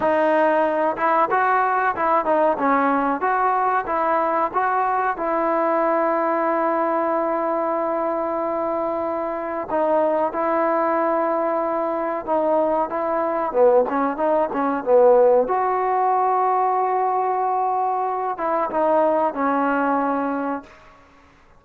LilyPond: \new Staff \with { instrumentName = "trombone" } { \time 4/4 \tempo 4 = 93 dis'4. e'8 fis'4 e'8 dis'8 | cis'4 fis'4 e'4 fis'4 | e'1~ | e'2. dis'4 |
e'2. dis'4 | e'4 b8 cis'8 dis'8 cis'8 b4 | fis'1~ | fis'8 e'8 dis'4 cis'2 | }